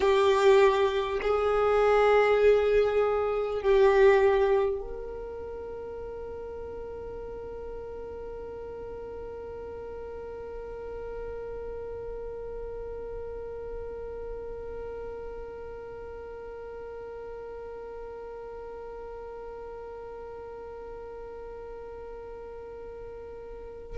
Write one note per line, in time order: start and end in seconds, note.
0.00 1.20 G4
1.22 3.62 G#4
3.62 4.81 G4
4.81 23.98 A#4